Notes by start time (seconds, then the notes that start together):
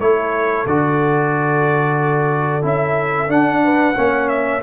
0.00 A3 E4 A4 C#5
0.66 D3 F#4 D5
2.62 C#4 E4 E5
3.28 D4 F#5
3.64 B4
3.96 A#3 C#4 C#5
4.29 E5